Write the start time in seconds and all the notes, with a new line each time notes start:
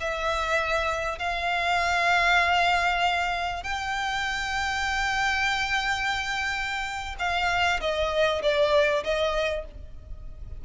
0.00 E5
1.19 F5
3.63 G5
7.19 F5
7.81 D#5
8.42 D5
9.04 D#5